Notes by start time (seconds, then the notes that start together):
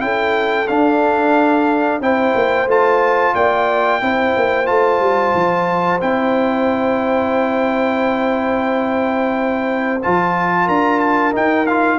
0.00 C#4 E4 A4 G5
0.67 D4 F5
2.00 C4 E4 C5 G5
2.35 A#3
2.66 A3 F4 A5
3.35 A#3 D5 G5
4.01 C4 E4 C5
4.37 A#3
4.66 A3 F4 A5
5.00 G3
5.34 F3
6.00 C4 E4 G5
10.02 F3 F4 A5
10.65 D4 A#4 A#5
11.00 A5
11.32 D#4 G5
11.67 F4 F5